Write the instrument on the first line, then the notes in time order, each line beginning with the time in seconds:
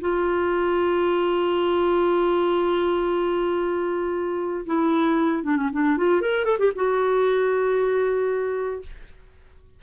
clarinet
0.00 F4
4.66 E4
5.43 D4
5.56 C#4
5.72 D4
5.97 F4
6.21 A#4
6.44 A4
6.59 G4
6.75 F#4